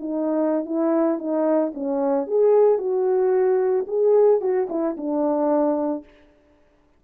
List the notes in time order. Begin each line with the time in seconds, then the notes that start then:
0.00 D#4
0.66 E4
1.19 D#4
1.74 C#4
2.27 G#4
2.78 F#4
3.88 G#4
4.41 F#4
4.69 E4
4.97 D4